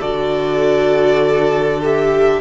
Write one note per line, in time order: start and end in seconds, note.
0.00 2.41 D3
0.00 1.81 F#4
0.00 2.40 A4
0.00 1.81 D5
1.82 2.41 G4
1.82 2.41 E5